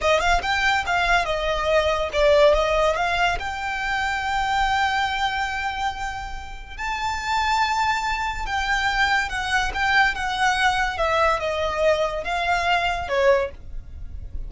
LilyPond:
\new Staff \with { instrumentName = "violin" } { \time 4/4 \tempo 4 = 142 dis''8 f''8 g''4 f''4 dis''4~ | dis''4 d''4 dis''4 f''4 | g''1~ | g''1 |
a''1 | g''2 fis''4 g''4 | fis''2 e''4 dis''4~ | dis''4 f''2 cis''4 | }